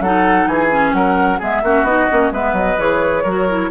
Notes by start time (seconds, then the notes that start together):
0.00 F#3 D#4 A4 F#5
0.47 E3 G#4 G#5
0.71 C#4
0.93 F#3 A#4 F#5
1.39 G#3 B3 G#4 E5
1.63 A#3 C#4 F#4
1.83 B3 D#4 D#5
2.10 A#3 C#4
2.31 G#3 B3 B4 E5
2.53 F#3 D#5
2.78 E3 G#4 C#5
3.23 F#3 F#4 A#4
3.49 E4